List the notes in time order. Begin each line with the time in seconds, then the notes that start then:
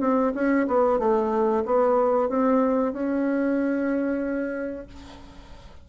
0.00 C4
0.34 C#4
0.67 B3
0.99 A3
1.65 B3
2.29 C4
2.93 C#4